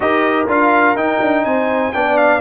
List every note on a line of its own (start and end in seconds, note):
0.00 0.46 D#4
0.00 0.47 G4
0.00 1.45 A#4
0.00 0.47 D#5
0.47 0.95 D4
0.47 0.96 F4
0.47 0.97 F5
0.95 1.19 D#4
0.95 1.93 D#4
0.95 1.44 G5
1.20 1.44 D4
1.44 1.93 C4
1.44 1.93 C5
1.44 1.93 G#5
1.93 2.40 B3
1.93 2.40 D4
1.93 2.40 D5
1.93 2.17 G5
2.17 2.40 F5